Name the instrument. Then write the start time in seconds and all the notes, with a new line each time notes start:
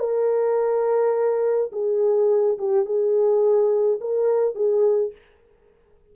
horn
0.00 A#4
1.72 G#4
2.59 G4
2.86 G#4
4.01 A#4
4.55 G#4